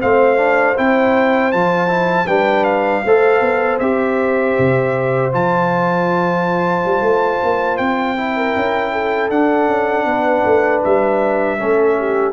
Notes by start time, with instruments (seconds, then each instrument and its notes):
0.00 tuba A3, trombone C4, horn C5, trumpet F5
0.37 trombone D4
0.76 tuba C4, trombone E4, trumpet G5
1.52 tuba F3, trombone F4, trumpet A5
1.88 trombone E4
2.27 tuba G3, trombone D4, horn B4, trumpet G5
2.64 trumpet F5
3.04 tuba A3, trombone A4, horn C5
3.41 tuba B3
3.79 tuba C4, trombone G4, trumpet E5
4.58 tuba C3
5.32 tuba F3, trombone F4, trumpet A5
6.85 tuba G3
7.01 tuba A3
7.44 tuba A#3
7.77 tuba C4, trumpet G5
8.17 trombone E4
8.36 horn A#4
8.56 tuba C#4
8.93 horn A4
9.30 tuba D4, trombone D4, trumpet F#5
9.68 tuba C#4
10.05 tuba B3, horn B4
10.45 tuba A3
10.84 tuba G3, trumpet E5
11.58 tuba A3, trombone C#4, horn A4
11.99 horn G4